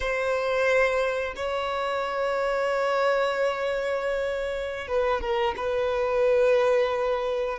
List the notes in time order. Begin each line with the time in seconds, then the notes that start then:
0.00 C5
1.36 C#5
4.87 B4
5.21 A#4
5.56 B4